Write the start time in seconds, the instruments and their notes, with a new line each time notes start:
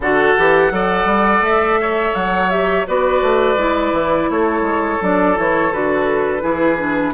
0.00 bassoon D3, clarinet F#4, oboe A4, flute F#5
0.37 bassoon E3, clarinet G4
0.71 bassoon F#3, clarinet A4, oboe D5
1.05 bassoon G3
1.40 bassoon A3, flute E5
1.81 oboe C#5
2.14 bassoon F#3, flute F#5
2.50 clarinet G4, flute E5
2.87 bassoon B3, clarinet F#4, oboe B4, flute D5
3.22 bassoon A3
3.56 bassoon G#3, clarinet E4
3.92 bassoon E3
4.30 bassoon A3, oboe A4, flute C#5
4.61 bassoon G#3
5.01 bassoon F#3, clarinet D4, flute D5
5.35 bassoon E3, clarinet E4, flute C#5
5.72 bassoon D3, clarinet F#4, flute B4
6.40 bassoon E3, clarinet E4, oboe G#4
6.77 clarinet D4